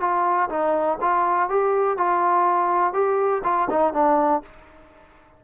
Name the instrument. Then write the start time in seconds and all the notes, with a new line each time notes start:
trombone
0.00 F4
0.49 D#4
1.01 F4
1.49 G4
1.97 F4
2.93 G4
3.44 F4
3.70 D#4
3.93 D4